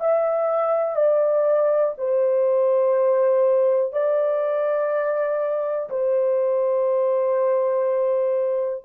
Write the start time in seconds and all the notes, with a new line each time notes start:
0.00 E5
0.96 D5
1.98 C5
3.93 D5
5.89 C5